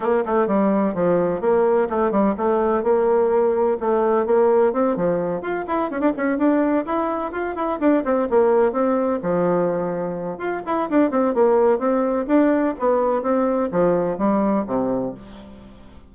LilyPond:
\new Staff \with { instrumentName = "bassoon" } { \time 4/4 \tempo 4 = 127 ais8 a8 g4 f4 ais4 | a8 g8 a4 ais2 | a4 ais4 c'8 f4 f'8 | e'8 cis'16 d'16 cis'8 d'4 e'4 f'8 |
e'8 d'8 c'8 ais4 c'4 f8~ | f2 f'8 e'8 d'8 c'8 | ais4 c'4 d'4 b4 | c'4 f4 g4 c4 | }